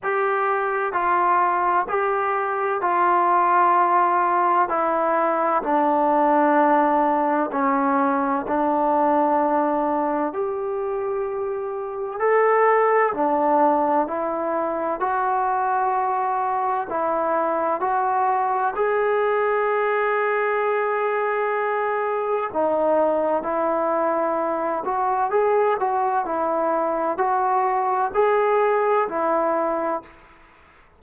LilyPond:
\new Staff \with { instrumentName = "trombone" } { \time 4/4 \tempo 4 = 64 g'4 f'4 g'4 f'4~ | f'4 e'4 d'2 | cis'4 d'2 g'4~ | g'4 a'4 d'4 e'4 |
fis'2 e'4 fis'4 | gis'1 | dis'4 e'4. fis'8 gis'8 fis'8 | e'4 fis'4 gis'4 e'4 | }